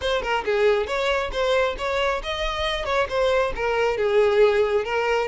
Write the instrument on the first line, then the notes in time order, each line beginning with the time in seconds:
violin
0.01 C5
0.22 A#4
0.45 G#4
0.86 C#5
1.31 C5
1.77 C#5
2.23 D#5
2.85 C#5
3.09 C5
3.55 A#4
3.97 G#4
4.84 A#4